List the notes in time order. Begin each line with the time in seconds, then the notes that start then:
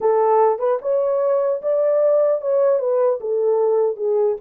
0.00 A4
0.58 B4
0.81 C#5
1.62 D5
2.41 C#5
2.79 B4
3.20 A4
3.96 G#4